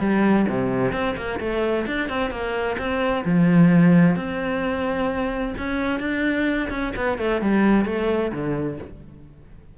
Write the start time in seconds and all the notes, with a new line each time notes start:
0.00 G3
0.49 C3
0.93 C4
1.17 A#3
1.40 A3
1.87 D4
2.09 C4
2.31 A#3
2.79 C4
3.26 F3
4.16 C4
5.58 C#4
6.00 D4
6.70 C#4
6.97 B3
7.19 A3
7.42 G3
7.86 A3
8.33 D3